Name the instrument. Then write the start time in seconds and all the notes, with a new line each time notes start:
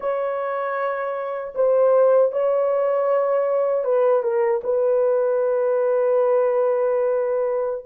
horn
0.00 C#5
1.55 C5
2.31 C#5
3.84 B4
4.22 A#4
4.63 B4